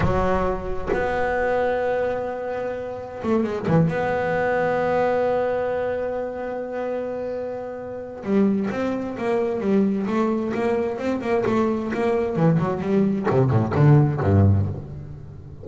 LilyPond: \new Staff \with { instrumentName = "double bass" } { \time 4/4 \tempo 4 = 131 fis2 b2~ | b2. a8 gis8 | e8 b2.~ b8~ | b1~ |
b2 g4 c'4 | ais4 g4 a4 ais4 | c'8 ais8 a4 ais4 e8 fis8 | g4 c8 a,8 d4 g,4 | }